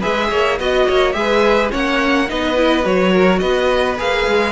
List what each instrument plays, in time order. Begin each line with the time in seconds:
0.00 cello G#3, viola G#4, violin B4 E5
0.30 cello A#3, violin C#5
0.59 cello B3, viola F#4, violin D#5
0.86 cello A#3, violin C#5
1.12 cello G#3, viola G#4, violin E5
1.19 violin B4
1.70 cello A#3, viola C#4, violin C#5 F#5
2.27 cello B3, viola D#4, violin B4 D#5
2.56 viola E4
2.83 cello F#3, viola F#4, violin C#5
3.12 violin A#4
3.39 cello B3, violin B4 D#5
3.98 cello A#3, viola G#4, violin F5
4.27 cello G#3